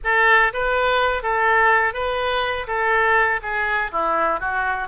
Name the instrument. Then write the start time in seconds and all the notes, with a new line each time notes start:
oboe
0.04 A4
0.53 B4
1.23 A4
1.93 B4
2.67 A4
3.42 G#4
3.91 E4
4.39 F#4